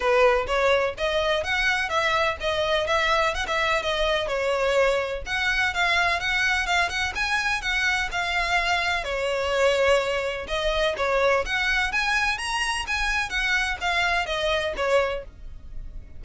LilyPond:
\new Staff \with { instrumentName = "violin" } { \time 4/4 \tempo 4 = 126 b'4 cis''4 dis''4 fis''4 | e''4 dis''4 e''4 fis''16 e''8. | dis''4 cis''2 fis''4 | f''4 fis''4 f''8 fis''8 gis''4 |
fis''4 f''2 cis''4~ | cis''2 dis''4 cis''4 | fis''4 gis''4 ais''4 gis''4 | fis''4 f''4 dis''4 cis''4 | }